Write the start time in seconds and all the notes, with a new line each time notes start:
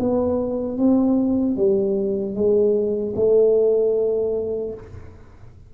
0.00 B3
0.78 C4
1.57 G3
2.35 G#3
3.17 A3